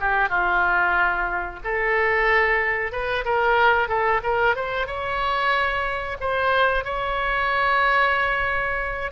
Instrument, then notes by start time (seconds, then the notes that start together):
oboe
0.00 G4
0.29 F4
1.64 A4
2.92 B4
3.25 A#4
3.88 A4
4.23 A#4
4.55 C5
4.87 C#5
6.20 C5
6.84 C#5